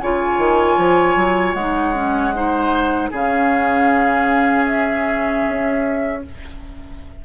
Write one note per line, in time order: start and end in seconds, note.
0.00 0.38 C#3
0.00 1.58 F4
0.00 2.36 C#5
0.00 1.54 G#5
0.38 0.77 D#3
0.77 1.16 F3
1.16 1.55 F#3
1.54 3.10 G#3
1.54 1.94 D#4
1.54 3.10 F#5
1.94 2.33 C#4
2.34 3.12 D#4
2.34 3.11 C5
3.11 5.46 C#3
3.11 6.25 C#4
3.11 6.22 G#4
3.11 4.66 F5
4.66 6.21 E5
5.47 6.25 C#4